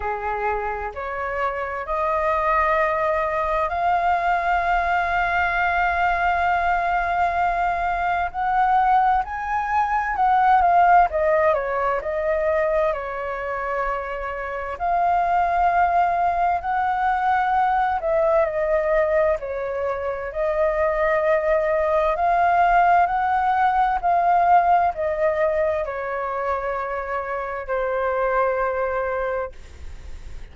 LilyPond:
\new Staff \with { instrumentName = "flute" } { \time 4/4 \tempo 4 = 65 gis'4 cis''4 dis''2 | f''1~ | f''4 fis''4 gis''4 fis''8 f''8 | dis''8 cis''8 dis''4 cis''2 |
f''2 fis''4. e''8 | dis''4 cis''4 dis''2 | f''4 fis''4 f''4 dis''4 | cis''2 c''2 | }